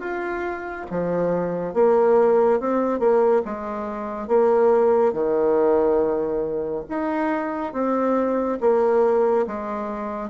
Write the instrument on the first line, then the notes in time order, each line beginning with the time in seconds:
bassoon
0.00 F4
0.90 F3
1.74 A#3
2.59 C4
2.99 A#3
3.45 G#3
4.27 A#3
5.13 D#3
6.89 D#4
7.73 C4
8.60 A#3
9.47 G#3